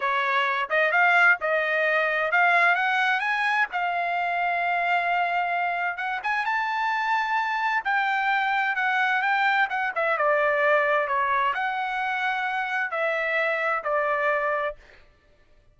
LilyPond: \new Staff \with { instrumentName = "trumpet" } { \time 4/4 \tempo 4 = 130 cis''4. dis''8 f''4 dis''4~ | dis''4 f''4 fis''4 gis''4 | f''1~ | f''4 fis''8 gis''8 a''2~ |
a''4 g''2 fis''4 | g''4 fis''8 e''8 d''2 | cis''4 fis''2. | e''2 d''2 | }